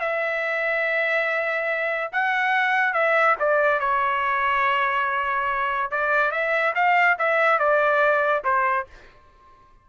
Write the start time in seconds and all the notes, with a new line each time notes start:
0.00 E5
2.13 F#5
2.93 E5
3.40 D5
3.80 C#5
5.91 D5
6.31 E5
6.75 F5
7.19 E5
7.59 D5
8.44 C5